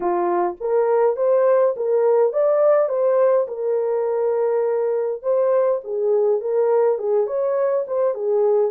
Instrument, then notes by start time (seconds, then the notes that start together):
horn
0.00 F4
0.60 A#4
1.16 C5
1.76 A#4
2.32 D5
2.88 C5
3.47 A#4
5.22 C5
5.84 G#4
6.40 A#4
6.98 G#4
7.27 C#5
7.87 C5
8.14 G#4